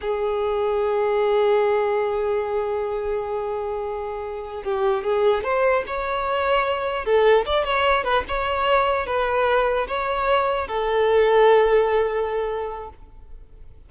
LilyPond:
\new Staff \with { instrumentName = "violin" } { \time 4/4 \tempo 4 = 149 gis'1~ | gis'1~ | gis'2.~ gis'8 g'8~ | g'8 gis'4 c''4 cis''4.~ |
cis''4. a'4 d''8 cis''4 | b'8 cis''2 b'4.~ | b'8 cis''2 a'4.~ | a'1 | }